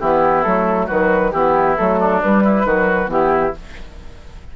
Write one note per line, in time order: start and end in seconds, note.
0.00 0.45 E3
0.00 0.45 B3
0.00 0.86 E4
0.00 0.43 G4
0.43 0.89 F#3
0.43 0.88 A3
0.43 0.87 A4
0.86 1.33 D#3
0.86 1.32 F#3
0.86 1.31 F#4
0.86 1.32 B4
1.32 1.77 E3
1.32 1.77 B3
1.32 1.99 E4
1.32 1.76 G4
1.77 2.24 F#3
1.77 2.21 A3
1.77 2.21 A4
1.99 2.43 D4
2.22 2.65 G3
2.22 2.67 G3
2.22 3.10 B4
2.44 2.66 E4
2.65 3.08 D#3
2.65 3.07 F#3
2.65 3.10 F#4
3.07 3.52 E3
3.07 3.51 B3
3.07 3.56 E4
3.07 3.55 G4